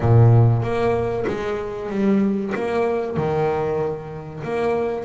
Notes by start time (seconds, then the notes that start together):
0.00 A#2
0.62 A#3
1.27 G#3
1.89 G3
2.54 A#3
3.16 D#3
4.43 A#3